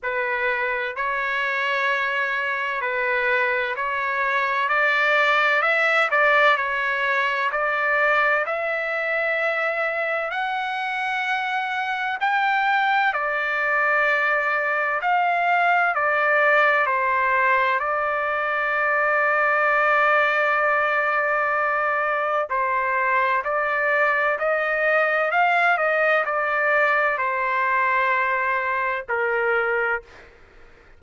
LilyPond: \new Staff \with { instrumentName = "trumpet" } { \time 4/4 \tempo 4 = 64 b'4 cis''2 b'4 | cis''4 d''4 e''8 d''8 cis''4 | d''4 e''2 fis''4~ | fis''4 g''4 d''2 |
f''4 d''4 c''4 d''4~ | d''1 | c''4 d''4 dis''4 f''8 dis''8 | d''4 c''2 ais'4 | }